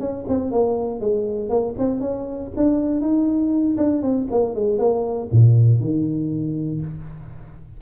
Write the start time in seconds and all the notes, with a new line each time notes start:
0.00 C#4
0.28 C4
0.52 A#3
1.00 G#3
1.49 A#3
1.78 C4
2.01 C#4
2.57 D4
3.01 D#4
3.78 D4
4.03 C4
4.31 A#3
4.55 G#3
4.79 A#3
5.32 A#2
5.80 D#3